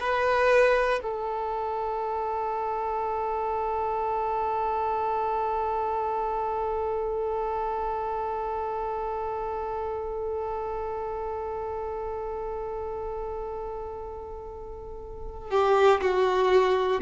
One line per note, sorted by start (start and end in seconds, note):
0.00 1.00 B4
1.02 15.51 A4
15.51 16.01 G4
16.01 17.01 F#4